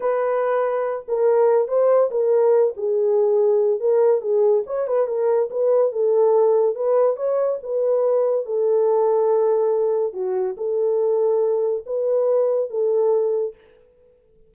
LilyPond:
\new Staff \with { instrumentName = "horn" } { \time 4/4 \tempo 4 = 142 b'2~ b'8 ais'4. | c''4 ais'4. gis'4.~ | gis'4 ais'4 gis'4 cis''8 b'8 | ais'4 b'4 a'2 |
b'4 cis''4 b'2 | a'1 | fis'4 a'2. | b'2 a'2 | }